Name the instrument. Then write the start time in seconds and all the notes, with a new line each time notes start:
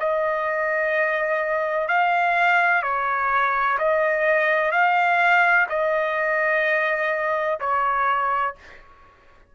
trumpet
0.00 D#5
1.89 F5
2.83 C#5
3.79 D#5
4.72 F5
5.70 D#5
7.61 C#5